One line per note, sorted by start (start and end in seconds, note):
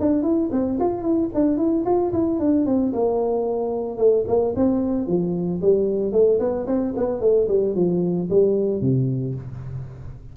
0.00 0.23 D4
0.23 0.50 E4
0.52 0.79 C4
0.80 1.02 F4
1.02 1.29 E4
1.34 1.58 D4
1.58 1.84 E4
1.86 2.12 F4
2.13 2.39 E4
2.39 2.66 D4
2.66 2.93 C4
2.93 3.98 A#3
3.98 4.25 A3
4.27 4.54 A#3
4.56 5.07 C4
5.07 5.61 F3
5.61 6.12 G3
6.12 6.39 A3
6.40 6.66 B3
6.67 6.94 C4
6.97 7.21 B3
7.21 7.47 A3
7.48 7.75 G3
7.75 8.29 F3
8.30 8.81 G3
8.81 9.35 C3